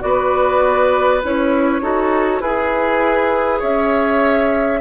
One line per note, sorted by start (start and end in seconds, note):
0.00 1.24 B3
0.00 1.20 F#4
0.00 1.82 B4
0.00 1.21 D5
1.23 1.82 C#4
1.23 1.82 E4
1.23 2.41 C#5
1.82 2.41 D#4
1.82 2.42 F#4
1.82 2.42 A4
2.41 3.61 E4
2.41 3.60 G#4
2.41 4.81 G#4
2.41 3.61 B4
3.60 4.81 C#4
3.60 4.79 C#5
3.60 4.81 E5